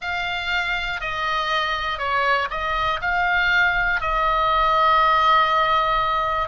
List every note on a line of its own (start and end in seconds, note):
0.01 1.00 F5
1.00 1.98 D#5
1.98 2.48 C#5
2.50 3.00 D#5
3.01 4.00 F5
4.00 6.48 D#5